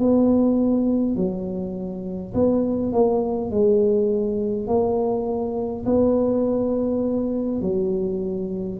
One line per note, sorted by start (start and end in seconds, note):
0.00 1.16 B3
1.16 2.34 F#3
2.34 2.93 B3
2.93 3.51 A#3
3.51 4.67 G#3
4.67 5.85 A#3
5.86 7.61 B3
7.61 8.79 F#3